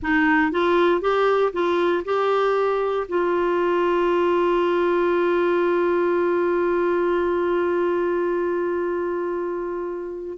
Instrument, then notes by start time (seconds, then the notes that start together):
clarinet
0.02 D#4
0.51 F4
1.01 G4
1.52 F4
2.04 G4
3.08 F4